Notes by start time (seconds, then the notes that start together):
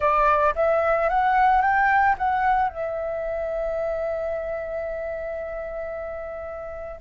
0.00 D5
0.55 E5
1.09 F#5
1.61 G5
2.18 F#5
2.69 E5